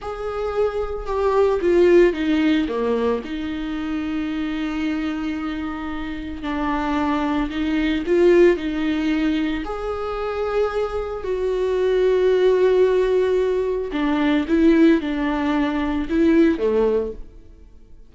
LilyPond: \new Staff \with { instrumentName = "viola" } { \time 4/4 \tempo 4 = 112 gis'2 g'4 f'4 | dis'4 ais4 dis'2~ | dis'1 | d'2 dis'4 f'4 |
dis'2 gis'2~ | gis'4 fis'2.~ | fis'2 d'4 e'4 | d'2 e'4 a4 | }